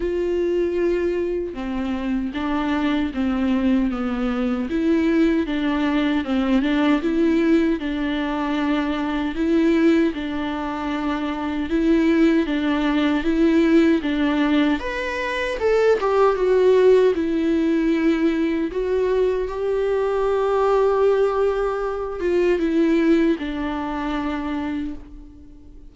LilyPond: \new Staff \with { instrumentName = "viola" } { \time 4/4 \tempo 4 = 77 f'2 c'4 d'4 | c'4 b4 e'4 d'4 | c'8 d'8 e'4 d'2 | e'4 d'2 e'4 |
d'4 e'4 d'4 b'4 | a'8 g'8 fis'4 e'2 | fis'4 g'2.~ | g'8 f'8 e'4 d'2 | }